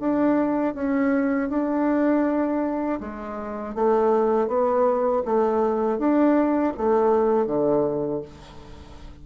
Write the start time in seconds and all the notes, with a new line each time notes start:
0.00 D4
0.75 C#4
1.50 D4
3.01 G#3
3.75 A3
4.48 B3
5.25 A3
5.99 D4
6.78 A3
7.47 D3